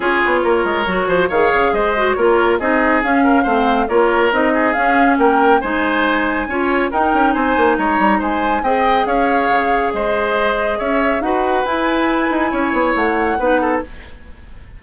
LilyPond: <<
  \new Staff \with { instrumentName = "flute" } { \time 4/4 \tempo 4 = 139 cis''2. f''4 | dis''4 cis''4 dis''4 f''4~ | f''4 cis''4 dis''4 f''4 | g''4 gis''2. |
g''4 gis''4 ais''4 gis''4 | g''4 f''2 dis''4~ | dis''4 e''4 fis''4 gis''4~ | gis''2 fis''2 | }
  \new Staff \with { instrumentName = "oboe" } { \time 4/4 gis'4 ais'4. c''8 cis''4 | c''4 ais'4 gis'4. ais'8 | c''4 ais'4. gis'4. | ais'4 c''2 cis''4 |
ais'4 c''4 cis''4 c''4 | dis''4 cis''2 c''4~ | c''4 cis''4 b'2~ | b'4 cis''2 b'8 a'8 | }
  \new Staff \with { instrumentName = "clarinet" } { \time 4/4 f'2 fis'4 gis'4~ | gis'8 fis'8 f'4 dis'4 cis'4 | c'4 f'4 dis'4 cis'4~ | cis'4 dis'2 f'4 |
dis'1 | gis'1~ | gis'2 fis'4 e'4~ | e'2. dis'4 | }
  \new Staff \with { instrumentName = "bassoon" } { \time 4/4 cis'8 b8 ais8 gis8 fis8 f8 dis8 cis8 | gis4 ais4 c'4 cis'4 | a4 ais4 c'4 cis'4 | ais4 gis2 cis'4 |
dis'8 cis'8 c'8 ais8 gis8 g8 gis4 | c'4 cis'4 cis4 gis4~ | gis4 cis'4 dis'4 e'4~ | e'8 dis'8 cis'8 b8 a4 b4 | }
>>